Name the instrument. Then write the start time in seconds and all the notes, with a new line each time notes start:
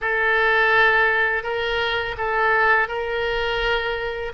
oboe
0.01 A4
1.43 A#4
2.17 A4
2.88 A#4